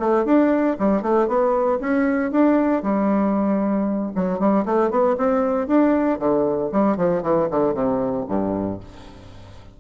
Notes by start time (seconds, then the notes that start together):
0.00 A3
0.25 D4
0.79 G3
1.02 A3
1.28 B3
1.81 C#4
2.32 D4
2.83 G3
4.15 F#3
4.39 G3
4.66 A3
4.91 B3
5.18 C4
5.68 D4
6.19 D3
6.72 G3
6.97 F3
7.23 E3
7.51 D3
7.74 C3
8.29 G2